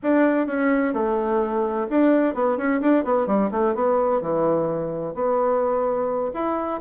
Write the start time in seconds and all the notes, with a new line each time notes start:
0.03 D4
0.46 C#4
0.93 A3
1.90 D4
2.34 B3
2.57 C#4
2.81 D4
3.04 B3
3.26 G3
3.51 A3
3.74 B3
4.21 E3
5.14 B3
6.33 E4